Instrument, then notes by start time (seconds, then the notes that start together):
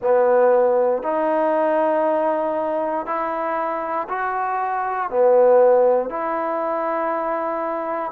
trombone
0.01 B3
1.02 D#4
3.06 E4
4.08 F#4
5.09 B3
6.09 E4